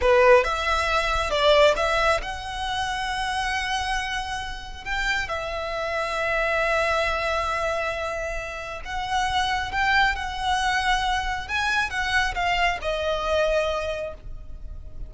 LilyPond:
\new Staff \with { instrumentName = "violin" } { \time 4/4 \tempo 4 = 136 b'4 e''2 d''4 | e''4 fis''2.~ | fis''2. g''4 | e''1~ |
e''1 | fis''2 g''4 fis''4~ | fis''2 gis''4 fis''4 | f''4 dis''2. | }